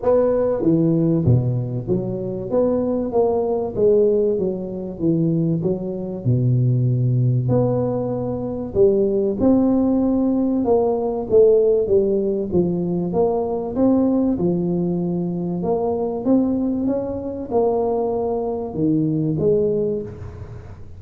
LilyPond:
\new Staff \with { instrumentName = "tuba" } { \time 4/4 \tempo 4 = 96 b4 e4 b,4 fis4 | b4 ais4 gis4 fis4 | e4 fis4 b,2 | b2 g4 c'4~ |
c'4 ais4 a4 g4 | f4 ais4 c'4 f4~ | f4 ais4 c'4 cis'4 | ais2 dis4 gis4 | }